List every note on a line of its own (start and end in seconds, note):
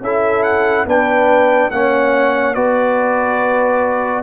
0.00 0.85 C#4
0.00 0.87 E4
0.00 0.86 A4
0.00 0.43 E5
0.43 0.85 F#5
0.85 1.70 B3
0.85 1.71 D4
0.85 1.70 B4
0.85 1.70 G5
1.70 2.55 A#3
1.70 2.55 C#4
1.70 2.55 C#5
1.70 2.54 F#5
2.54 4.23 B3
2.54 4.23 F#4
2.54 4.23 B4
2.54 4.23 D5